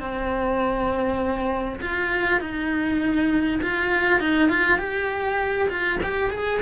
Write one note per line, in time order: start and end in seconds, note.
0.00 1.80 C4
1.82 2.40 F4
2.40 3.60 D#4
3.62 4.20 F4
4.20 4.49 D#4
4.49 4.78 F4
4.78 5.68 G4
5.69 5.99 F4
6.03 6.30 G4
6.30 6.60 G#4